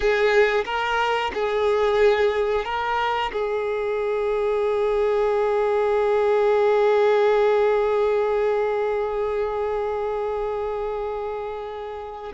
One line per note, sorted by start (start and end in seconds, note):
0.00 0.64 G#4
0.65 1.31 A#4
1.34 2.65 G#4
2.65 3.31 A#4
3.32 12.32 G#4